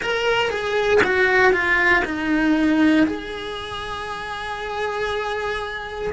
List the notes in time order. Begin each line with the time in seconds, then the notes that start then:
0.01 A#4
0.50 G#4
1.04 F#4
1.52 F4
2.04 D#4
3.06 G#4